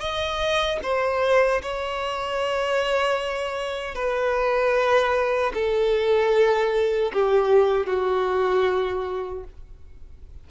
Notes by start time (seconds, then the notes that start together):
0.00 D#5
0.83 C5
1.61 C#5
3.94 B4
5.54 A4
7.13 G4
7.86 F#4